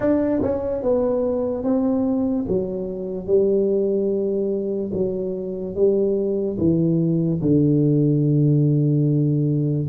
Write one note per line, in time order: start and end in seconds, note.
0.00 0.41 D4
0.42 0.82 C#4
0.82 1.63 B3
1.63 2.45 C4
2.48 3.27 F#3
3.27 4.91 G3
4.93 5.75 F#3
5.75 6.57 G3
6.58 7.40 E3
7.41 9.88 D3